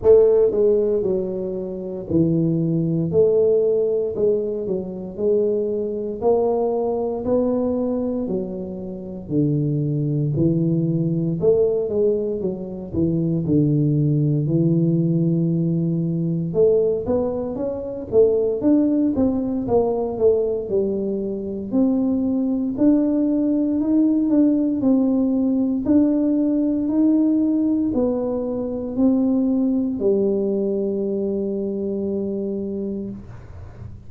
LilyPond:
\new Staff \with { instrumentName = "tuba" } { \time 4/4 \tempo 4 = 58 a8 gis8 fis4 e4 a4 | gis8 fis8 gis4 ais4 b4 | fis4 d4 e4 a8 gis8 | fis8 e8 d4 e2 |
a8 b8 cis'8 a8 d'8 c'8 ais8 a8 | g4 c'4 d'4 dis'8 d'8 | c'4 d'4 dis'4 b4 | c'4 g2. | }